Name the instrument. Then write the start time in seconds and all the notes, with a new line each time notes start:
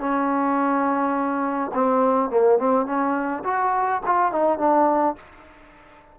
trombone
0.00 C#4
1.74 C4
2.30 A#3
2.59 C4
2.86 C#4
3.44 F#4
4.06 F4
4.32 D#4
4.59 D4